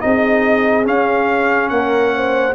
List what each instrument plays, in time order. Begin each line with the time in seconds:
0.00 tuba C4, trombone D#4, horn G#4, trumpet D#5
0.84 trombone C#4, tuba C#4, trumpet F5
1.69 tuba A#3, horn A#4, trumpet F#5
2.16 horn C5